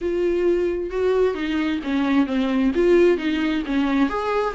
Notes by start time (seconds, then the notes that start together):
0.01 F4
0.90 F#4
1.34 D#4
1.83 C#4
2.26 C4
2.75 F4
3.17 D#4
3.66 C#4
4.09 G#4